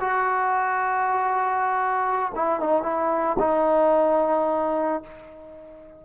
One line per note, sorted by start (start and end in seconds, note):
0.00 2.32 F#4
2.35 2.60 E4
2.60 2.82 D#4
2.82 3.37 E4
3.39 5.03 D#4